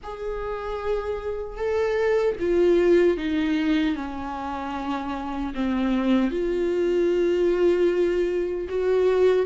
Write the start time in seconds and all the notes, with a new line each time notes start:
0.03 G#4
1.57 A4
2.39 F4
3.17 D#4
3.95 C#4
5.54 C4
6.31 F4
8.68 F#4